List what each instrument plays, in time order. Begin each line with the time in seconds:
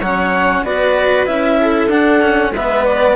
0.00 bassoon F#3, cello C#4, viola C#5, clarinet F#5
0.63 bassoon B3, cello F#4, viola B4, clarinet D5
1.26 bassoon C#4, cello E4, clarinet E5
1.61 viola A4
1.88 bassoon D4, cello D4, clarinet F#5
2.21 cello C#4
2.51 bassoon G#3, viola B4, clarinet E5
2.57 cello B3
2.85 clarinet D5